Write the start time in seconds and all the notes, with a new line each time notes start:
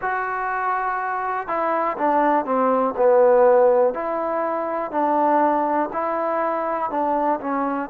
0.01 F#4
1.47 E4
1.97 D4
2.45 C4
2.96 B3
3.93 E4
4.91 D4
5.92 E4
6.90 D4
7.40 C#4